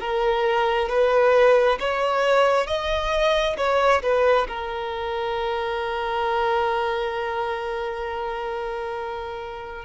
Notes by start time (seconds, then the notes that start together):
0.00 A#4
0.89 B4
1.80 C#5
2.67 D#5
3.57 C#5
4.03 B4
4.48 A#4